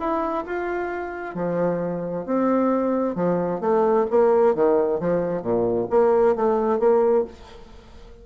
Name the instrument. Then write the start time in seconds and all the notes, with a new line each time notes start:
bassoon
0.00 E4
0.46 F4
1.35 F3
2.26 C4
3.15 F3
3.61 A3
4.11 A#3
4.55 D#3
5.00 F3
5.43 A#2
5.91 A#3
6.36 A3
6.80 A#3